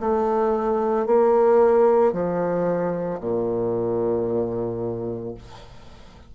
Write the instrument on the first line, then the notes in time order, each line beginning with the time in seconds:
bassoon
0.00 A3
1.06 A#3
2.13 F3
3.20 A#2